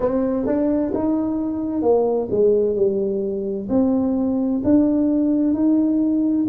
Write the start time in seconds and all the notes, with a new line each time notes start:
0.00 C4
0.46 D4
0.94 D#4
1.82 A#3
2.30 G#3
2.75 G3
3.69 C4
4.64 D4
5.53 D#4